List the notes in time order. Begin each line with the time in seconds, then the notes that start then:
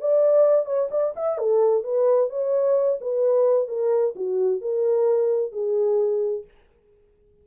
0.00 D5
0.65 C#5
0.90 D5
1.16 E5
1.38 A4
1.83 B4
2.29 C#5
3.00 B4
3.68 A#4
4.15 F#4
4.61 A#4
5.52 G#4